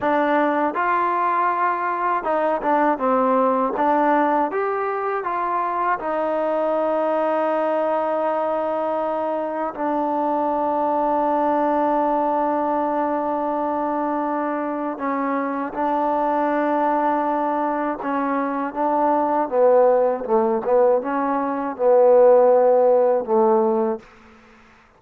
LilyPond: \new Staff \with { instrumentName = "trombone" } { \time 4/4 \tempo 4 = 80 d'4 f'2 dis'8 d'8 | c'4 d'4 g'4 f'4 | dis'1~ | dis'4 d'2.~ |
d'1 | cis'4 d'2. | cis'4 d'4 b4 a8 b8 | cis'4 b2 a4 | }